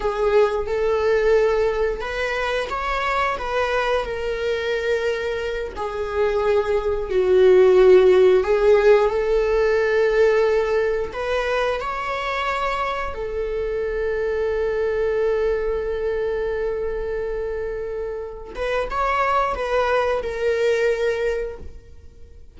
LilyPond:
\new Staff \with { instrumentName = "viola" } { \time 4/4 \tempo 4 = 89 gis'4 a'2 b'4 | cis''4 b'4 ais'2~ | ais'8 gis'2 fis'4.~ | fis'8 gis'4 a'2~ a'8~ |
a'8 b'4 cis''2 a'8~ | a'1~ | a'2.~ a'8 b'8 | cis''4 b'4 ais'2 | }